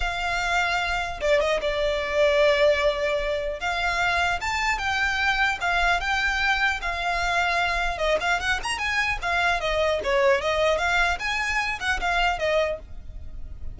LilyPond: \new Staff \with { instrumentName = "violin" } { \time 4/4 \tempo 4 = 150 f''2. d''8 dis''8 | d''1~ | d''4 f''2 a''4 | g''2 f''4 g''4~ |
g''4 f''2. | dis''8 f''8 fis''8 ais''8 gis''4 f''4 | dis''4 cis''4 dis''4 f''4 | gis''4. fis''8 f''4 dis''4 | }